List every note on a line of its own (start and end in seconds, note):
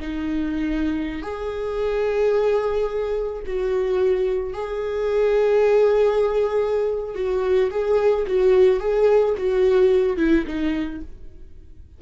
0.00 1.22 D#4
1.22 3.43 G#4
3.47 4.53 F#4
4.53 7.15 G#4
7.15 7.70 F#4
7.71 8.26 G#4
8.27 8.80 F#4
8.80 9.35 G#4
9.37 10.17 F#4
10.17 10.45 E4
10.47 11.02 D#4